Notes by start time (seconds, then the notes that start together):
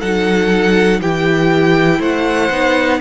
0.00 F#3 D#4 A4 F#5
1.01 E3 E4 G4 G5
1.99 A3 C5 F#5
2.50 B3 D#4